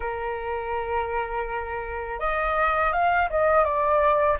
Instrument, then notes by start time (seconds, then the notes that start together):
flute
0.00 A#4
2.19 D#5
2.92 F5
3.30 D#5
3.64 D5